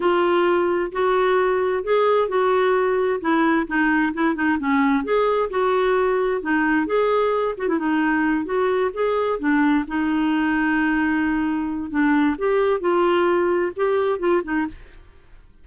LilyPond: \new Staff \with { instrumentName = "clarinet" } { \time 4/4 \tempo 4 = 131 f'2 fis'2 | gis'4 fis'2 e'4 | dis'4 e'8 dis'8 cis'4 gis'4 | fis'2 dis'4 gis'4~ |
gis'8 fis'16 e'16 dis'4. fis'4 gis'8~ | gis'8 d'4 dis'2~ dis'8~ | dis'2 d'4 g'4 | f'2 g'4 f'8 dis'8 | }